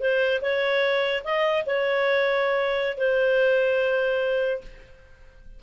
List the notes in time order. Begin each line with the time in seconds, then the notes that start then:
0.00 C5
0.42 C#5
1.24 D#5
1.66 C#5
2.98 C5